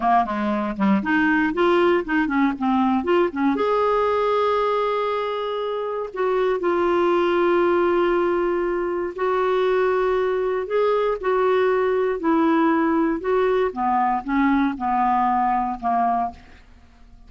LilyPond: \new Staff \with { instrumentName = "clarinet" } { \time 4/4 \tempo 4 = 118 ais8 gis4 g8 dis'4 f'4 | dis'8 cis'8 c'4 f'8 cis'8 gis'4~ | gis'1 | fis'4 f'2.~ |
f'2 fis'2~ | fis'4 gis'4 fis'2 | e'2 fis'4 b4 | cis'4 b2 ais4 | }